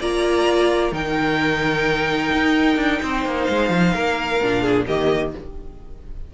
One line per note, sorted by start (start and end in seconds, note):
0.00 0.92 A#3
0.00 0.92 F4
0.00 0.92 D5
0.00 0.94 A#5
0.92 2.31 D#3
0.92 4.41 D#4
0.92 3.02 A#4
0.92 3.44 G5
2.32 2.77 D#4
2.77 3.00 D4
3.02 3.25 C4
3.02 3.94 C5
3.25 3.48 A#3
3.44 3.70 G#3
3.44 4.83 F5
3.70 3.93 F3
3.94 4.41 A#3
3.94 4.62 A#4
4.42 4.88 A#2
4.42 4.87 D4
4.62 4.85 G#4
4.87 5.34 D#3
4.87 5.33 A#3
4.87 5.33 G4
4.87 5.34 D#5